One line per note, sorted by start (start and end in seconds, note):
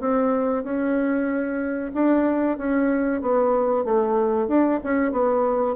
0.00 0.64 C4
0.64 1.91 C#4
1.94 2.58 D4
2.58 3.21 C#4
3.21 3.84 B3
3.84 4.48 A3
4.48 4.80 D4
4.84 5.12 C#4
5.12 5.76 B3